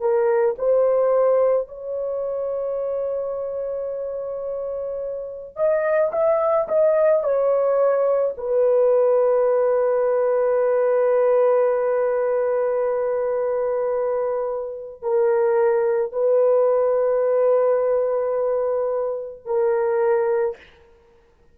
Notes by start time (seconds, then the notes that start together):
0.00 A#4
0.58 C5
1.68 C#5
5.56 D#5
6.12 E5
6.68 D#5
7.24 C#5
8.37 B4
15.03 A#4
16.13 B4
19.45 A#4